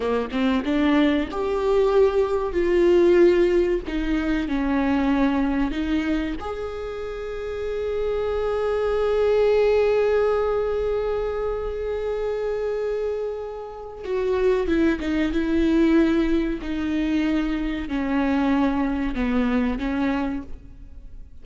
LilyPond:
\new Staff \with { instrumentName = "viola" } { \time 4/4 \tempo 4 = 94 ais8 c'8 d'4 g'2 | f'2 dis'4 cis'4~ | cis'4 dis'4 gis'2~ | gis'1~ |
gis'1~ | gis'2 fis'4 e'8 dis'8 | e'2 dis'2 | cis'2 b4 cis'4 | }